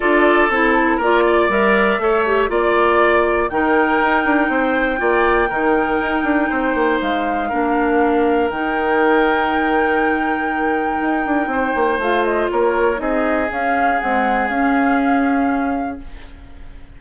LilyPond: <<
  \new Staff \with { instrumentName = "flute" } { \time 4/4 \tempo 4 = 120 d''4 a'4 d''4 e''4~ | e''4 d''2 g''4~ | g''1~ | g''2 f''2~ |
f''4 g''2.~ | g''1 | f''8 dis''8 cis''4 dis''4 f''4 | fis''4 f''2. | }
  \new Staff \with { instrumentName = "oboe" } { \time 4/4 a'2 ais'8 d''4. | cis''4 d''2 ais'4~ | ais'4 c''4 d''4 ais'4~ | ais'4 c''2 ais'4~ |
ais'1~ | ais'2. c''4~ | c''4 ais'4 gis'2~ | gis'1 | }
  \new Staff \with { instrumentName = "clarinet" } { \time 4/4 f'4 e'4 f'4 ais'4 | a'8 g'8 f'2 dis'4~ | dis'2 f'4 dis'4~ | dis'2. d'4~ |
d'4 dis'2.~ | dis'1 | f'2 dis'4 cis'4 | gis4 cis'2. | }
  \new Staff \with { instrumentName = "bassoon" } { \time 4/4 d'4 c'4 ais4 g4 | a4 ais2 dis4 | dis'8 d'8 c'4 ais4 dis4 | dis'8 d'8 c'8 ais8 gis4 ais4~ |
ais4 dis2.~ | dis2 dis'8 d'8 c'8 ais8 | a4 ais4 c'4 cis'4 | c'4 cis'2. | }
>>